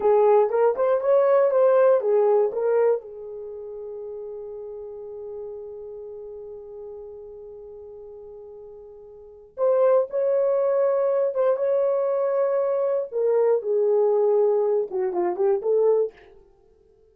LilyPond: \new Staff \with { instrumentName = "horn" } { \time 4/4 \tempo 4 = 119 gis'4 ais'8 c''8 cis''4 c''4 | gis'4 ais'4 gis'2~ | gis'1~ | gis'1~ |
gis'2. c''4 | cis''2~ cis''8 c''8 cis''4~ | cis''2 ais'4 gis'4~ | gis'4. fis'8 f'8 g'8 a'4 | }